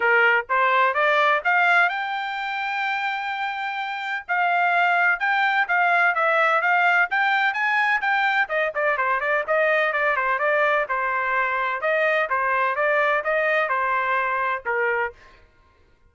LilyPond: \new Staff \with { instrumentName = "trumpet" } { \time 4/4 \tempo 4 = 127 ais'4 c''4 d''4 f''4 | g''1~ | g''4 f''2 g''4 | f''4 e''4 f''4 g''4 |
gis''4 g''4 dis''8 d''8 c''8 d''8 | dis''4 d''8 c''8 d''4 c''4~ | c''4 dis''4 c''4 d''4 | dis''4 c''2 ais'4 | }